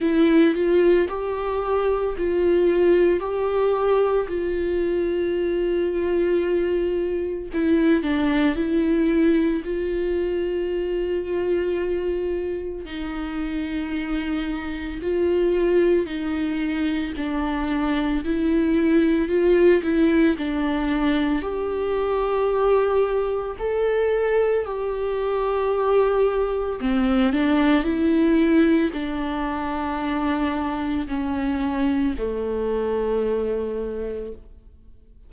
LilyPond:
\new Staff \with { instrumentName = "viola" } { \time 4/4 \tempo 4 = 56 e'8 f'8 g'4 f'4 g'4 | f'2. e'8 d'8 | e'4 f'2. | dis'2 f'4 dis'4 |
d'4 e'4 f'8 e'8 d'4 | g'2 a'4 g'4~ | g'4 c'8 d'8 e'4 d'4~ | d'4 cis'4 a2 | }